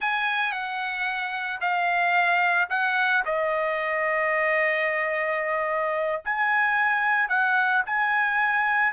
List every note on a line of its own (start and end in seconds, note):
0.00 0.52 G#5
0.52 1.60 F#5
1.60 2.69 F5
2.69 3.23 F#5
3.25 6.22 D#5
6.24 7.28 G#5
7.28 7.82 F#5
7.86 8.92 G#5